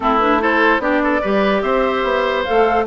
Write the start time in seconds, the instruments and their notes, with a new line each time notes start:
0.00 bassoon A3, clarinet C4, oboe E4, flute A4
0.18 clarinet D4, flute B4
0.39 clarinet E4, oboe A4, flute C5
0.78 bassoon B3, clarinet D4, oboe G4, flute D5
1.03 oboe A4
1.21 bassoon G3, clarinet G4, oboe B4
1.62 bassoon C4, oboe C5, flute E5
2.03 bassoon B3
2.44 bassoon A3, clarinet A4, flute F5